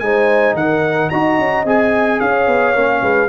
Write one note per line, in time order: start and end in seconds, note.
0.00 0.54 G#3
0.00 1.13 D#4
0.00 0.56 C5
0.00 0.55 G#5
0.54 1.09 D#3
0.54 1.11 A#4
0.54 1.10 F#5
1.10 1.39 D#4
1.10 1.66 F#4
1.10 2.21 D#5
1.10 1.65 A#5
1.39 1.65 C#4
1.65 2.20 C4
1.65 2.76 G#4
1.65 2.20 G#5
2.20 2.47 C#4
2.20 3.02 C#5
2.20 3.30 F5
2.47 2.75 B3
2.75 3.02 A#3
2.75 3.30 C#4
3.02 3.30 G#3
3.02 3.30 B4